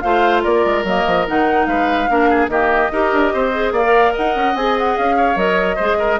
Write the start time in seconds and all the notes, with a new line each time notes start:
0.00 A3 F4 C5 F5
0.43 A#3 A#4 D5
0.65 G#3
0.83 F#3 A#3 D#5
1.06 F3
1.27 D#3 D#4 F#5
1.66 G#3 B4 F5
2.08 A#3 D4 A#4
2.29 G#4
2.48 D#3 A#3 G4 D#5
2.91 D#4 G4 A#4
3.12 D4
3.33 C4 C5
3.52 G#4
3.71 A#3 D5 F5
3.83 A#4
4.13 D#4 D#5 F#5
4.35 C#4
4.54 C4 G#4 G#5
4.78 F#5
4.96 C#4 F5
5.16 C#5
5.35 F#3 A#4 D#5
5.75 G#3 G#4 C5
5.98 A#4